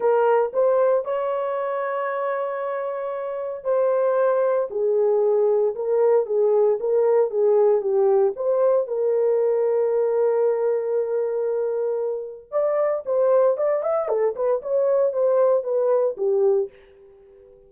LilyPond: \new Staff \with { instrumentName = "horn" } { \time 4/4 \tempo 4 = 115 ais'4 c''4 cis''2~ | cis''2. c''4~ | c''4 gis'2 ais'4 | gis'4 ais'4 gis'4 g'4 |
c''4 ais'2.~ | ais'1 | d''4 c''4 d''8 e''8 a'8 b'8 | cis''4 c''4 b'4 g'4 | }